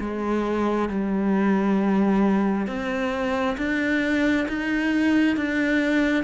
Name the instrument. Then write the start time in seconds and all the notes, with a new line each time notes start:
cello
0.00 G#3
0.89 G3
2.67 C4
3.58 D4
4.48 D#4
5.37 D4